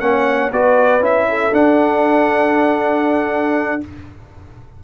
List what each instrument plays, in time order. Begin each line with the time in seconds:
0.00 tuba A#3, trombone C#4, horn C#5, trumpet F#5
0.51 tuba B3, trombone F#4, horn B4, trumpet D5
1.00 tuba C#4, trombone E4, trumpet E5
1.29 horn A4
1.52 trombone D4, tuba D4, trumpet F#5